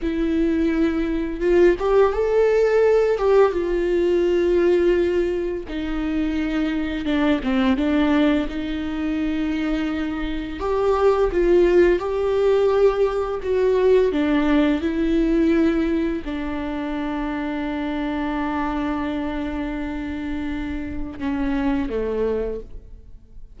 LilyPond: \new Staff \with { instrumentName = "viola" } { \time 4/4 \tempo 4 = 85 e'2 f'8 g'8 a'4~ | a'8 g'8 f'2. | dis'2 d'8 c'8 d'4 | dis'2. g'4 |
f'4 g'2 fis'4 | d'4 e'2 d'4~ | d'1~ | d'2 cis'4 a4 | }